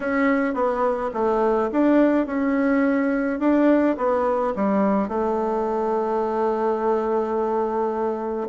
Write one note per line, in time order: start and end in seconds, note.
0.00 0.54 C#4
0.54 1.10 B3
1.13 1.70 A3
1.72 2.26 D4
2.26 3.39 C#4
3.39 3.96 D4
3.97 4.53 B3
4.55 5.08 G3
5.08 8.48 A3